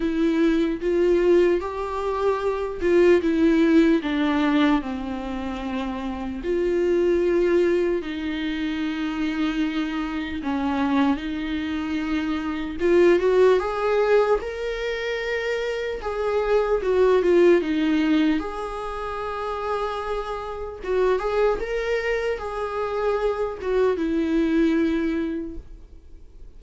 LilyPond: \new Staff \with { instrumentName = "viola" } { \time 4/4 \tempo 4 = 75 e'4 f'4 g'4. f'8 | e'4 d'4 c'2 | f'2 dis'2~ | dis'4 cis'4 dis'2 |
f'8 fis'8 gis'4 ais'2 | gis'4 fis'8 f'8 dis'4 gis'4~ | gis'2 fis'8 gis'8 ais'4 | gis'4. fis'8 e'2 | }